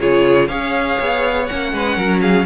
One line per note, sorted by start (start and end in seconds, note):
0.00 0.49 C#3
0.00 0.49 F4
0.00 0.49 G#4
0.00 0.48 C#5
0.48 0.99 C#4
0.48 1.48 G#4
0.48 1.73 C#5
0.48 1.47 F5
1.00 1.50 B3
1.47 1.73 A#3
1.47 2.46 C#4
1.47 2.21 F#5
1.73 1.97 G#3
1.73 1.96 B4
1.96 2.46 F#3
1.96 2.21 A#4
2.21 2.46 G#4
2.21 2.46 F5